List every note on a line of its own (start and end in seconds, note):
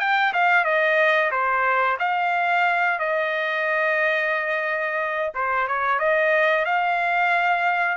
0.00 0.33 G5
0.34 0.65 F5
0.65 1.31 D#5
1.32 1.98 C5
2.00 2.99 F5
2.99 5.33 D#5
5.35 5.68 C5
5.68 6.00 C#5
6.00 6.65 D#5
6.65 7.98 F5